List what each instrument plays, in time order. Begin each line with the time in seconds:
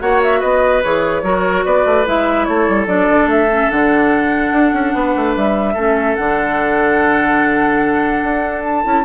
0.00 bassoon A#3, clarinet F#4, oboe C#5, flute F#5
0.23 flute E5
0.40 bassoon B3, oboe B4, flute D#5
0.83 bassoon E3, clarinet G#4, flute C#5
1.23 bassoon F#3, clarinet F#4, oboe A#4
1.65 bassoon B3, oboe B4, flute D5
1.85 bassoon A3
2.06 bassoon G#3, clarinet E4, flute E5
2.45 bassoon A3, oboe A4, flute C#5
2.68 bassoon G3
2.87 bassoon F#3, clarinet D4, flute D5
3.10 bassoon D3
3.26 bassoon A3, flute E5
3.50 clarinet C#4
3.70 bassoon D3, clarinet D4, flute F#5
4.52 bassoon D4
4.73 bassoon C#4
4.94 bassoon B3, oboe B4
5.16 bassoon A3
5.36 bassoon G3, flute E5
5.73 bassoon A3, clarinet C#4, oboe A4
6.15 bassoon D3, clarinet D4, flute F#5
8.23 bassoon D4
8.64 flute A5
8.84 bassoon C#4, clarinet E4